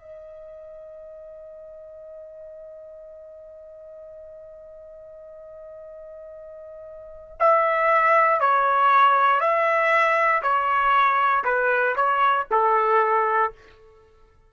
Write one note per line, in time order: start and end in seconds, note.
0.00 7.37 D#5
7.40 8.41 E5
8.41 9.41 C#5
9.41 10.42 E5
10.43 11.45 C#5
11.45 11.95 B4
11.96 12.47 C#5
12.51 13.53 A4